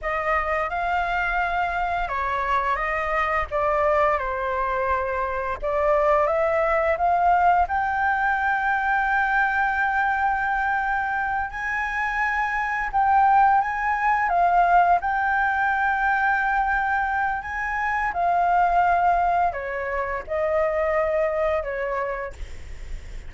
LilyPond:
\new Staff \with { instrumentName = "flute" } { \time 4/4 \tempo 4 = 86 dis''4 f''2 cis''4 | dis''4 d''4 c''2 | d''4 e''4 f''4 g''4~ | g''1~ |
g''8 gis''2 g''4 gis''8~ | gis''8 f''4 g''2~ g''8~ | g''4 gis''4 f''2 | cis''4 dis''2 cis''4 | }